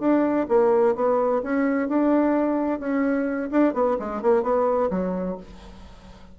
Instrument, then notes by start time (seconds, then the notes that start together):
bassoon
0.00 D4
0.49 A#3
0.95 B3
1.43 C#4
1.89 D4
2.80 C#4
3.51 D4
3.74 B3
4.00 G#3
4.23 A#3
4.43 B3
4.90 F#3